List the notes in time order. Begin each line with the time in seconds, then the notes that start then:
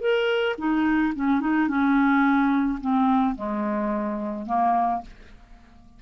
0.00 A#4
0.58 D#4
1.15 C#4
1.40 D#4
1.68 C#4
2.81 C4
3.35 G#3
4.46 A#3